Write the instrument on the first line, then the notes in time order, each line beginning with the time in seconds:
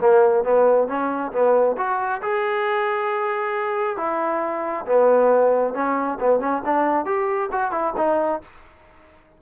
trombone
0.00 A#3
0.44 B3
0.88 C#4
1.32 B3
1.77 F#4
2.22 G#4
3.97 E4
4.86 B3
5.74 C#4
6.20 B3
6.40 C#4
6.65 D4
7.05 G4
7.52 F#4
7.71 E4
7.97 D#4